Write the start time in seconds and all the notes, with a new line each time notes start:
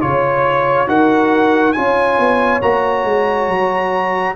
0.00 C#3 F4 C#5
0.87 D#4 F#4 A#4 F#5
1.72 C#4 F4 C#5 G#5
2.18 B3
2.62 A#3 F#4 A#5
3.04 G#3
3.47 F#3